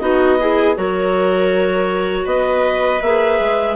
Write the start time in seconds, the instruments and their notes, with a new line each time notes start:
0.00 bassoon B3, clarinet D#4 D#5, viola F#4
0.40 clarinet E4, viola G#4
0.75 bassoon F#3, clarinet F#4 C#5, viola A#4
2.26 bassoon B3, viola B4, clarinet D#5
3.02 bassoon A#3, clarinet G#4 E5
3.40 bassoon G#3